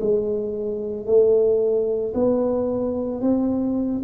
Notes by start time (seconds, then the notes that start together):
0.00 G#3
1.06 A3
2.14 B3
3.20 C4